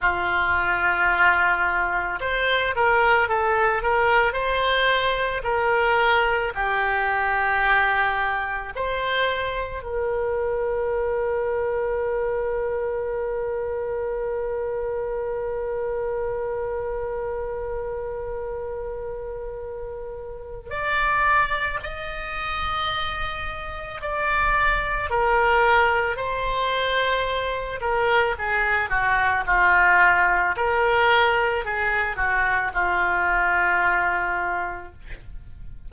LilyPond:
\new Staff \with { instrumentName = "oboe" } { \time 4/4 \tempo 4 = 55 f'2 c''8 ais'8 a'8 ais'8 | c''4 ais'4 g'2 | c''4 ais'2.~ | ais'1~ |
ais'2. d''4 | dis''2 d''4 ais'4 | c''4. ais'8 gis'8 fis'8 f'4 | ais'4 gis'8 fis'8 f'2 | }